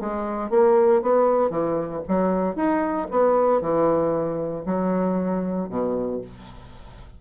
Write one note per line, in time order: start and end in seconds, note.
0.00 0.50 G#3
0.50 1.02 A#3
1.02 1.50 B3
1.50 2.02 E3
2.08 2.56 F#3
2.56 3.08 D#4
3.11 3.61 B3
3.61 4.65 E3
4.66 5.69 F#3
5.69 6.21 B2